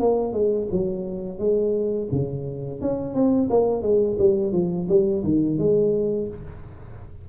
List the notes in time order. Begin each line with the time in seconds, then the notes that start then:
0.00 A#3
0.33 G#3
0.72 F#3
1.39 G#3
2.12 C#3
2.81 C#4
3.15 C4
3.50 A#3
3.82 G#3
4.19 G3
4.53 F3
4.89 G3
5.24 D#3
5.58 G#3